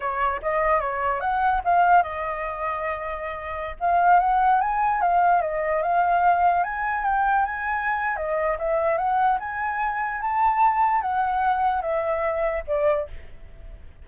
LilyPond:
\new Staff \with { instrumentName = "flute" } { \time 4/4 \tempo 4 = 147 cis''4 dis''4 cis''4 fis''4 | f''4 dis''2.~ | dis''4~ dis''16 f''4 fis''4 gis''8.~ | gis''16 f''4 dis''4 f''4.~ f''16~ |
f''16 gis''4 g''4 gis''4.~ gis''16 | dis''4 e''4 fis''4 gis''4~ | gis''4 a''2 fis''4~ | fis''4 e''2 d''4 | }